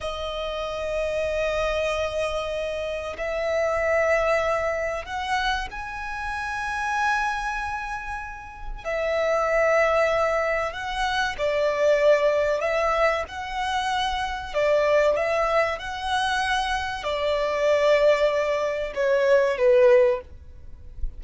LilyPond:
\new Staff \with { instrumentName = "violin" } { \time 4/4 \tempo 4 = 95 dis''1~ | dis''4 e''2. | fis''4 gis''2.~ | gis''2 e''2~ |
e''4 fis''4 d''2 | e''4 fis''2 d''4 | e''4 fis''2 d''4~ | d''2 cis''4 b'4 | }